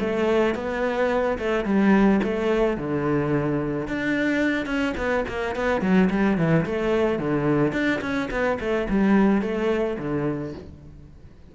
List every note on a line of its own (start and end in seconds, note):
0.00 0.55 A3
0.55 1.38 B3
1.38 1.65 A3
1.65 2.21 G3
2.23 2.78 A3
2.78 3.88 D3
3.88 4.66 D4
4.66 4.94 C#4
4.97 5.25 B3
5.29 5.56 A#3
5.56 5.82 B3
5.82 6.09 F#3
6.10 6.38 G3
6.38 6.65 E3
6.66 7.19 A3
7.19 7.73 D3
7.73 8.01 D4
8.02 8.29 C#4
8.31 8.59 B3
8.60 8.88 A3
8.90 9.42 G3
9.42 9.97 A3
9.99 10.54 D3